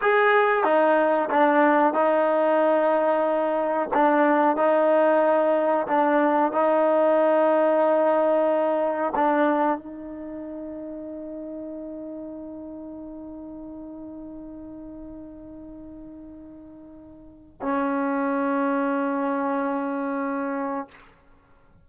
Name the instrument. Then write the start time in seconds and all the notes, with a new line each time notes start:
trombone
0.01 G#4
0.63 D#4
1.30 D4
1.93 D#4
3.93 D4
4.56 D#4
5.87 D4
6.52 D#4
9.15 D4
9.77 D#4
17.62 C#4